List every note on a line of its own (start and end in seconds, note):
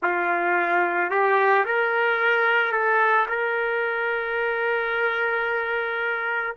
0.02 1.10 F4
1.10 1.65 G4
1.65 2.72 A#4
2.72 3.26 A4
3.28 6.56 A#4